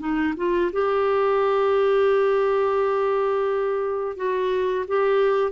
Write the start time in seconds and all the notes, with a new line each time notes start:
0.00 D#4
0.37 F4
0.73 G4
4.17 F#4
4.88 G4